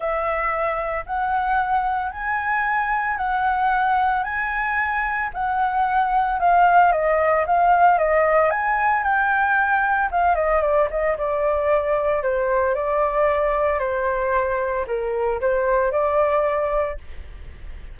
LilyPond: \new Staff \with { instrumentName = "flute" } { \time 4/4 \tempo 4 = 113 e''2 fis''2 | gis''2 fis''2 | gis''2 fis''2 | f''4 dis''4 f''4 dis''4 |
gis''4 g''2 f''8 dis''8 | d''8 dis''8 d''2 c''4 | d''2 c''2 | ais'4 c''4 d''2 | }